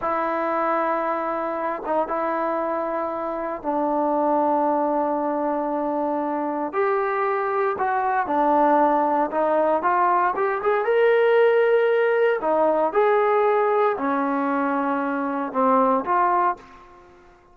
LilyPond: \new Staff \with { instrumentName = "trombone" } { \time 4/4 \tempo 4 = 116 e'2.~ e'8 dis'8 | e'2. d'4~ | d'1~ | d'4 g'2 fis'4 |
d'2 dis'4 f'4 | g'8 gis'8 ais'2. | dis'4 gis'2 cis'4~ | cis'2 c'4 f'4 | }